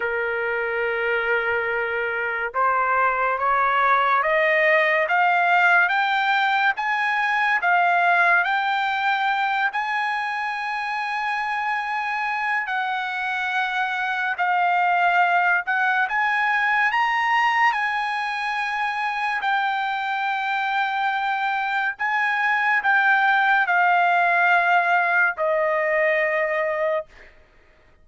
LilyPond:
\new Staff \with { instrumentName = "trumpet" } { \time 4/4 \tempo 4 = 71 ais'2. c''4 | cis''4 dis''4 f''4 g''4 | gis''4 f''4 g''4. gis''8~ | gis''2. fis''4~ |
fis''4 f''4. fis''8 gis''4 | ais''4 gis''2 g''4~ | g''2 gis''4 g''4 | f''2 dis''2 | }